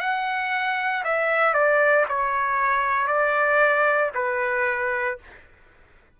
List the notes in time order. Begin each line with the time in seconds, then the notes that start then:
0.00 F#5
1.04 E5
1.54 D5
2.08 C#5
3.08 D5
4.15 B4